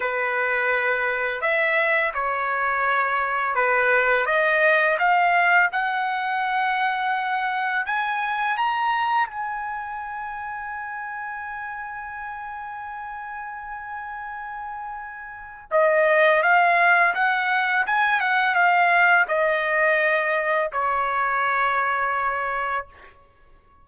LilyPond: \new Staff \with { instrumentName = "trumpet" } { \time 4/4 \tempo 4 = 84 b'2 e''4 cis''4~ | cis''4 b'4 dis''4 f''4 | fis''2. gis''4 | ais''4 gis''2.~ |
gis''1~ | gis''2 dis''4 f''4 | fis''4 gis''8 fis''8 f''4 dis''4~ | dis''4 cis''2. | }